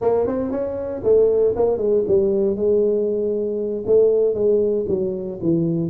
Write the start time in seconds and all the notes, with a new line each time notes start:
0.01 A#3
0.27 C4
0.51 C#4
1.03 A3
1.56 A#3
1.77 G#3
2.07 G3
2.55 G#3
3.86 A3
4.34 G#3
4.88 F#3
5.41 E3